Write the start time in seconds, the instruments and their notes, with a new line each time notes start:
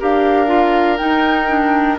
0.00 bassoon D4, clarinet G4, oboe A#4, flute F5
0.47 clarinet F4
0.97 clarinet D#4, bassoon D#4, flute G5
1.49 clarinet D4